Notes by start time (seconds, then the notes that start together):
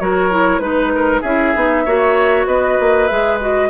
0.00 F#3 F#4 A#4 C#5
0.31 E4
0.59 G#3 D#4 B4
0.95 A#4
1.21 C#4 E4 G#4 E5
1.55 B3 D#4
1.86 A#3 F#4 C#5
2.47 B3 B4 D#5
2.80 A#3
3.07 G#3 G#4 E5
3.41 F#4 D#5